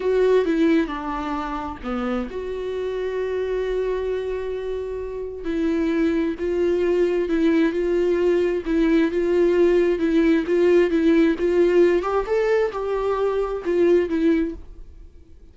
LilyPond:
\new Staff \with { instrumentName = "viola" } { \time 4/4 \tempo 4 = 132 fis'4 e'4 d'2 | b4 fis'2.~ | fis'1 | e'2 f'2 |
e'4 f'2 e'4 | f'2 e'4 f'4 | e'4 f'4. g'8 a'4 | g'2 f'4 e'4 | }